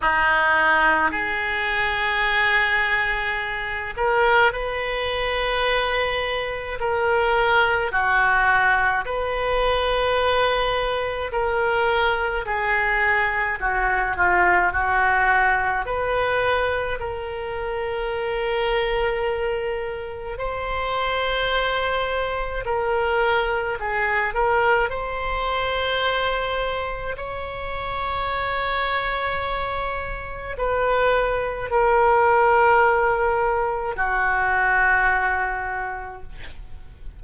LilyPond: \new Staff \with { instrumentName = "oboe" } { \time 4/4 \tempo 4 = 53 dis'4 gis'2~ gis'8 ais'8 | b'2 ais'4 fis'4 | b'2 ais'4 gis'4 | fis'8 f'8 fis'4 b'4 ais'4~ |
ais'2 c''2 | ais'4 gis'8 ais'8 c''2 | cis''2. b'4 | ais'2 fis'2 | }